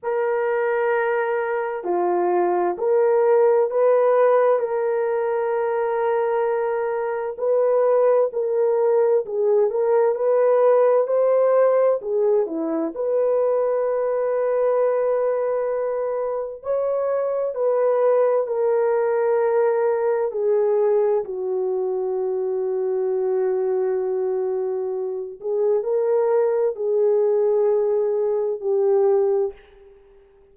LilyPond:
\new Staff \with { instrumentName = "horn" } { \time 4/4 \tempo 4 = 65 ais'2 f'4 ais'4 | b'4 ais'2. | b'4 ais'4 gis'8 ais'8 b'4 | c''4 gis'8 e'8 b'2~ |
b'2 cis''4 b'4 | ais'2 gis'4 fis'4~ | fis'2.~ fis'8 gis'8 | ais'4 gis'2 g'4 | }